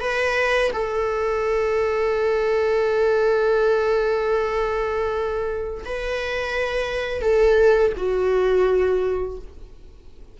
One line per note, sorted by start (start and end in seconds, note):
0.00 0.71 B4
0.72 5.84 A4
5.85 7.22 B4
7.22 7.92 A4
7.97 9.38 F#4